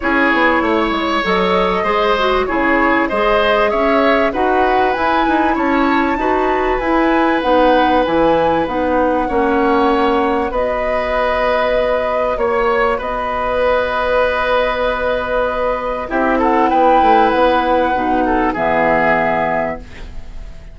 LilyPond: <<
  \new Staff \with { instrumentName = "flute" } { \time 4/4 \tempo 4 = 97 cis''2 dis''2 | cis''4 dis''4 e''4 fis''4 | gis''4 a''2 gis''4 | fis''4 gis''4 fis''2~ |
fis''4 dis''2. | cis''4 dis''2.~ | dis''2 e''8 fis''8 g''4 | fis''2 e''2 | }
  \new Staff \with { instrumentName = "oboe" } { \time 4/4 gis'4 cis''2 c''4 | gis'4 c''4 cis''4 b'4~ | b'4 cis''4 b'2~ | b'2. cis''4~ |
cis''4 b'2. | cis''4 b'2.~ | b'2 g'8 a'8 b'4~ | b'4. a'8 gis'2 | }
  \new Staff \with { instrumentName = "clarinet" } { \time 4/4 e'2 a'4 gis'8 fis'8 | e'4 gis'2 fis'4 | e'2 fis'4 e'4 | dis'4 e'4 dis'4 cis'4~ |
cis'4 fis'2.~ | fis'1~ | fis'2 e'2~ | e'4 dis'4 b2 | }
  \new Staff \with { instrumentName = "bassoon" } { \time 4/4 cis'8 b8 a8 gis8 fis4 gis4 | cis4 gis4 cis'4 dis'4 | e'8 dis'8 cis'4 dis'4 e'4 | b4 e4 b4 ais4~ |
ais4 b2. | ais4 b2.~ | b2 c'4 b8 a8 | b4 b,4 e2 | }
>>